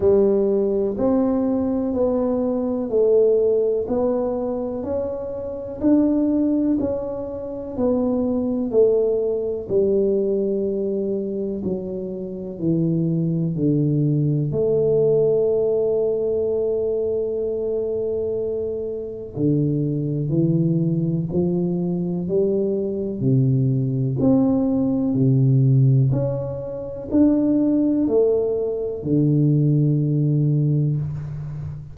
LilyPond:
\new Staff \with { instrumentName = "tuba" } { \time 4/4 \tempo 4 = 62 g4 c'4 b4 a4 | b4 cis'4 d'4 cis'4 | b4 a4 g2 | fis4 e4 d4 a4~ |
a1 | d4 e4 f4 g4 | c4 c'4 c4 cis'4 | d'4 a4 d2 | }